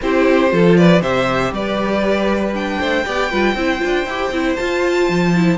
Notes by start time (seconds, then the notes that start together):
0.01 C4 E4 G4 C5
0.50 F3 F4 A4
0.76 B4 D5
1.01 C3 G4 C5 E5
1.51 G3 B4 D5
2.53 D4 G5
2.79 A3 C5
3.04 B3 G4 D5
3.29 G3 F4 B4
3.54 C4 E4 C5
3.78 D4 F4
4.05 E4 G4
4.30 C4 E4
4.56 F4 A5
5.08 F3
5.35 E4